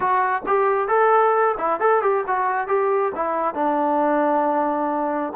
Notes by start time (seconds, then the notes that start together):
0.00 F#4
0.46 G4
0.88 A4
1.58 E4
1.80 A4
2.01 G4
2.27 F#4
2.67 G4
3.15 E4
3.54 D4